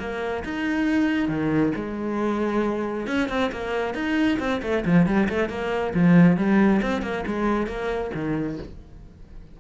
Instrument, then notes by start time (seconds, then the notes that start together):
cello
0.00 A#3
0.45 D#4
1.29 D#3
1.76 G#3
3.07 C#4
3.29 C4
3.52 A#3
3.95 D#4
4.40 C4
4.63 A3
4.86 F3
5.07 G3
5.30 A3
5.50 A#3
5.94 F3
6.37 G3
6.82 C4
7.03 A#3
7.27 G#3
7.67 A#3
8.15 D#3